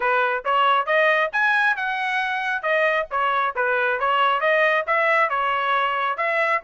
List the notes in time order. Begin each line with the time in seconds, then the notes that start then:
0.00 B4
0.44 C#5
0.86 D#5
1.32 G#5
1.76 F#5
2.62 D#5
3.10 C#5
3.55 B4
3.99 C#5
4.40 D#5
4.86 E5
5.29 C#5
6.17 E5